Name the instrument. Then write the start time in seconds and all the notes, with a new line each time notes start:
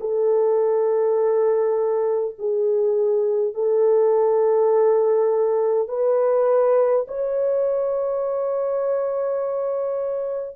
horn
0.00 A4
2.39 G#4
3.54 A4
5.88 B4
7.07 C#5